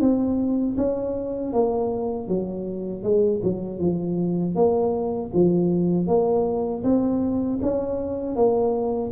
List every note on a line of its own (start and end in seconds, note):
0.00 0.76 C4
0.77 1.52 C#4
1.52 2.28 A#3
2.28 3.03 F#3
3.03 3.41 G#3
3.43 3.79 F#3
3.79 4.55 F3
4.55 5.31 A#3
5.33 6.07 F3
6.07 6.83 A#3
6.83 7.59 C4
7.62 8.35 C#4
8.35 9.11 A#3